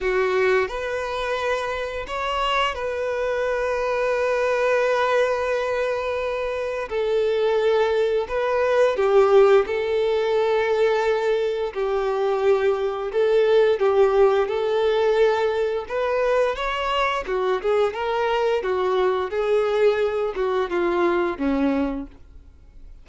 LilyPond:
\new Staff \with { instrumentName = "violin" } { \time 4/4 \tempo 4 = 87 fis'4 b'2 cis''4 | b'1~ | b'2 a'2 | b'4 g'4 a'2~ |
a'4 g'2 a'4 | g'4 a'2 b'4 | cis''4 fis'8 gis'8 ais'4 fis'4 | gis'4. fis'8 f'4 cis'4 | }